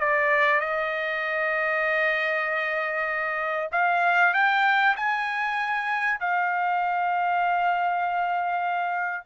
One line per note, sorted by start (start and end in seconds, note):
0.00 0.60 D5
0.60 3.69 D#5
3.72 4.34 F5
4.34 4.95 G5
4.96 6.20 G#5
6.20 9.25 F5